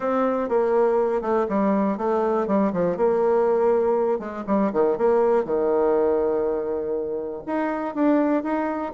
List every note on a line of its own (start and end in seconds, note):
0.00 0.48 C4
0.48 1.21 A#3
1.21 1.46 A3
1.48 1.97 G3
1.97 2.47 A3
2.47 2.72 G3
2.73 2.97 F3
2.97 4.19 A#3
4.19 4.44 G#3
4.47 4.71 G3
4.72 4.97 D#3
4.97 5.44 A#3
5.44 7.42 D#3
7.46 7.95 D#4
7.95 8.43 D4
8.43 8.93 D#4